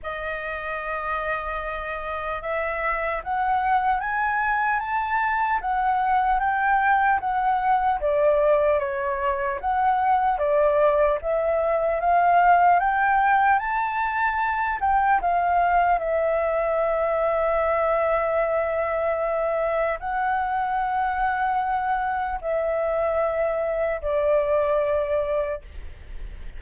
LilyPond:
\new Staff \with { instrumentName = "flute" } { \time 4/4 \tempo 4 = 75 dis''2. e''4 | fis''4 gis''4 a''4 fis''4 | g''4 fis''4 d''4 cis''4 | fis''4 d''4 e''4 f''4 |
g''4 a''4. g''8 f''4 | e''1~ | e''4 fis''2. | e''2 d''2 | }